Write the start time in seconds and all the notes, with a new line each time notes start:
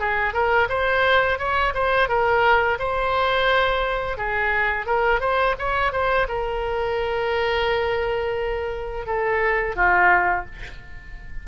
0.00 G#4
0.34 A#4
0.69 C5
1.39 C#5
1.74 C5
2.09 A#4
2.79 C5
4.18 G#4
4.86 A#4
5.20 C5
5.59 C#5
5.92 C5
6.28 A#4
9.07 A4
9.76 F4